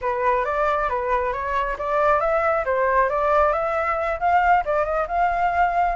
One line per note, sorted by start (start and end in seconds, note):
0.01 0.45 B4
0.45 0.89 D5
0.89 1.32 B4
1.32 1.76 C#5
1.78 2.20 D5
2.20 2.64 E5
2.65 3.09 C5
3.09 3.53 D5
3.53 4.19 E5
4.19 4.63 F5
4.65 4.84 D5
4.84 5.06 D#5
5.07 5.95 F5